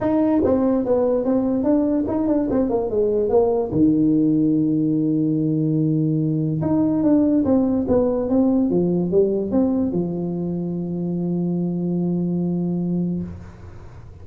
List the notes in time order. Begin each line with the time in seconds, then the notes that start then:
0.00 D#4
0.44 C4
0.85 B3
1.24 C4
1.63 D4
2.07 D#4
2.27 D4
2.50 C4
2.69 A#3
2.90 G#3
3.29 A#3
3.71 D#3
6.61 D#4
7.03 D4
7.44 C4
7.87 B3
8.29 C4
8.70 F3
9.11 G3
9.51 C4
9.92 F3